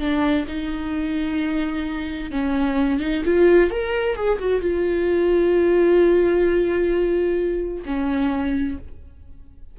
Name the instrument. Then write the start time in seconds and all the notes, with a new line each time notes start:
viola
0.00 D4
0.48 D#4
2.31 C#4
3.00 D#4
3.25 F4
3.71 A#4
4.16 G#4
4.40 F#4
4.61 F4
7.86 C#4